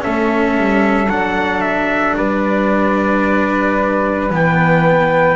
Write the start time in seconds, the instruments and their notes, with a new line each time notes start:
0.00 double bass A3, cello C#4, flute A4, trumpet E5
0.57 double bass G3
1.07 double bass F#3, cello D4, trumpet F#5
1.60 trumpet E5
2.17 double bass G3, flute B4, trumpet D5
4.29 double bass E3, cello B3, trumpet G5